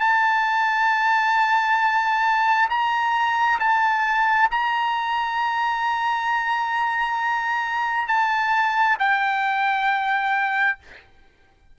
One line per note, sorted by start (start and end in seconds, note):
0.00 2.69 A5
2.70 3.59 A#5
3.60 4.49 A5
4.51 8.08 A#5
8.08 8.97 A5
9.00 10.79 G5